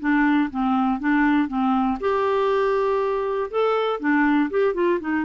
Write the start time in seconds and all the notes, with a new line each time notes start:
0.00 D4
0.51 C4
1.00 D4
1.49 C4
2.01 G4
3.51 A4
4.00 D4
4.51 G4
4.75 F4
5.01 D#4